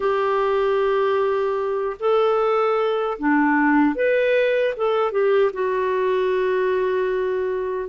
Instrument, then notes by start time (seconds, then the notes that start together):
clarinet
0.00 G4
2.00 A4
3.19 D4
3.95 B4
4.76 A4
5.11 G4
5.53 F#4